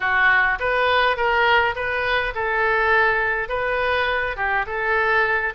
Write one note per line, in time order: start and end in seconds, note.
0.00 0.58 F#4
0.59 1.16 B4
1.16 1.74 A#4
1.75 2.33 B4
2.35 3.48 A4
3.48 4.36 B4
4.36 4.65 G4
4.66 5.53 A4